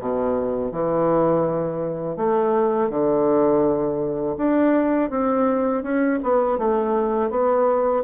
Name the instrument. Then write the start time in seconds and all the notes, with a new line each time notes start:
bassoon
0.00 B2
0.72 E3
2.17 A3
2.90 D3
4.37 D4
5.10 C4
5.83 C#4
6.23 B3
6.58 A3
7.30 B3